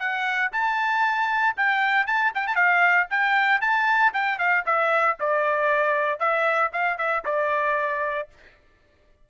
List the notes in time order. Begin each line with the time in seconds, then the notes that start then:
0.00 F#5
0.53 A5
1.57 G5
2.07 A5
2.35 G5
2.48 A5
2.56 F5
3.11 G5
3.61 A5
4.14 G5
4.39 F5
4.66 E5
5.21 D5
6.20 E5
6.73 F5
6.98 E5
7.26 D5